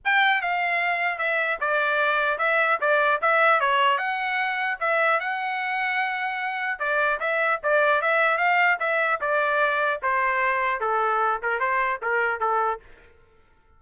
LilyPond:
\new Staff \with { instrumentName = "trumpet" } { \time 4/4 \tempo 4 = 150 g''4 f''2 e''4 | d''2 e''4 d''4 | e''4 cis''4 fis''2 | e''4 fis''2.~ |
fis''4 d''4 e''4 d''4 | e''4 f''4 e''4 d''4~ | d''4 c''2 a'4~ | a'8 ais'8 c''4 ais'4 a'4 | }